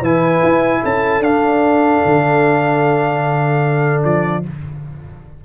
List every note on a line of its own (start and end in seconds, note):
0.00 0.41 E3
0.00 1.23 E4
0.00 0.80 B4
0.00 0.84 G#5
0.43 0.83 E4
0.81 1.20 C#4
0.81 4.41 A4
0.81 1.23 A5
1.20 2.00 D4
1.20 4.43 D4
1.20 4.03 F5
2.05 4.04 D3
4.03 4.44 F3
4.03 4.43 D5